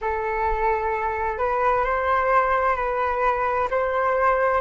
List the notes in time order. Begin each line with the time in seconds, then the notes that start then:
0.01 A4
1.38 B4
1.84 C5
2.76 B4
3.70 C5